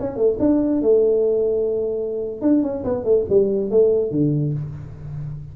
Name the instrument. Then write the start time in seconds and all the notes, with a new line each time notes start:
tuba
0.00 C#4
0.16 A3
0.40 D4
0.82 A3
2.42 D4
2.63 C#4
2.85 B3
3.05 A3
3.30 G3
3.71 A3
4.11 D3